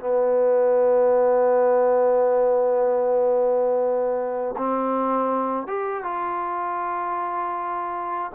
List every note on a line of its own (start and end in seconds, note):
0.00 4.56 B3
4.58 5.68 C4
5.68 6.04 G4
6.04 8.32 F4